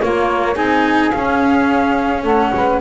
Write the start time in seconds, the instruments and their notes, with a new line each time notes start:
0.00 cello A#3, double bass A#3, saxophone F4, flute C#5
0.54 double bass C4, cello D#4, saxophone G#4, flute G#5
1.11 cello C#4, double bass C#4, flute F5
2.23 double bass A3, saxophone A4, flute F#5
2.54 double bass G#3, saxophone B4